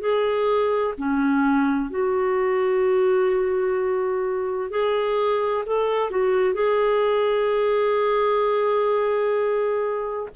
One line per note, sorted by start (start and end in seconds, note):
0.00 0.94 G#4
0.98 1.90 C#4
1.90 4.70 F#4
4.70 5.64 G#4
5.66 6.10 A4
6.10 6.54 F#4
6.54 10.29 G#4